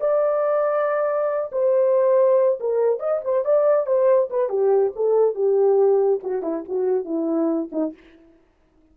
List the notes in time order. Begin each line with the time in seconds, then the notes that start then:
0.00 D5
1.52 C5
2.60 A#4
2.99 D#5
3.24 C5
3.44 D5
3.86 C5
4.30 B4
4.49 G4
4.95 A4
5.34 G4
6.23 F#4
6.42 E4
6.68 F#4
7.05 E4
7.72 D#4